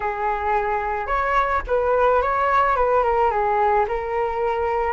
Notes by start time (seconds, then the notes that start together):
0.00 G#4
1.06 C#5
1.67 B4
2.21 C#5
2.75 B4
3.03 A#4
3.30 G#4
3.88 A#4